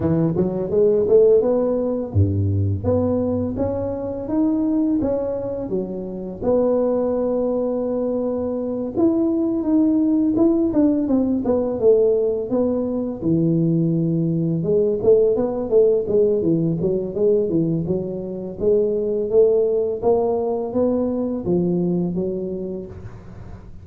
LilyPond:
\new Staff \with { instrumentName = "tuba" } { \time 4/4 \tempo 4 = 84 e8 fis8 gis8 a8 b4 g,4 | b4 cis'4 dis'4 cis'4 | fis4 b2.~ | b8 e'4 dis'4 e'8 d'8 c'8 |
b8 a4 b4 e4.~ | e8 gis8 a8 b8 a8 gis8 e8 fis8 | gis8 e8 fis4 gis4 a4 | ais4 b4 f4 fis4 | }